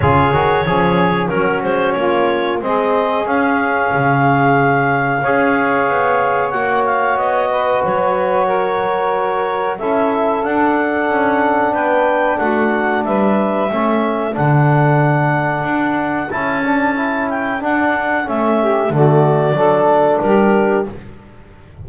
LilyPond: <<
  \new Staff \with { instrumentName = "clarinet" } { \time 4/4 \tempo 4 = 92 cis''2 ais'8 c''8 cis''4 | dis''4 f''2.~ | f''2 fis''8 f''8 dis''4 | cis''2. e''4 |
fis''2 g''4 fis''4 | e''2 fis''2~ | fis''4 a''4. g''8 fis''4 | e''4 d''2 ais'4 | }
  \new Staff \with { instrumentName = "saxophone" } { \time 4/4 gis'4 cis'4 fis'4 f'4 | gis'1 | cis''2.~ cis''8 b'8~ | b'4 ais'2 a'4~ |
a'2 b'4 fis'4 | b'4 a'2.~ | a'1~ | a'8 g'8 fis'4 a'4 g'4 | }
  \new Staff \with { instrumentName = "trombone" } { \time 4/4 f'8 fis'8 gis'4 cis'2 | c'4 cis'2. | gis'2 fis'2~ | fis'2. e'4 |
d'1~ | d'4 cis'4 d'2~ | d'4 e'8 d'8 e'4 d'4 | cis'4 a4 d'2 | }
  \new Staff \with { instrumentName = "double bass" } { \time 4/4 cis8 dis8 f4 fis8 gis8 ais4 | gis4 cis'4 cis2 | cis'4 b4 ais4 b4 | fis2. cis'4 |
d'4 cis'4 b4 a4 | g4 a4 d2 | d'4 cis'2 d'4 | a4 d4 fis4 g4 | }
>>